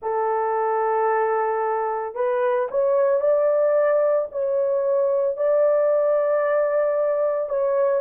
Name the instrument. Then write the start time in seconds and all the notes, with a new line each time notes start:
horn
0.02 A4
2.14 B4
2.71 C#5
3.20 D5
4.31 C#5
5.36 D5
7.49 C#5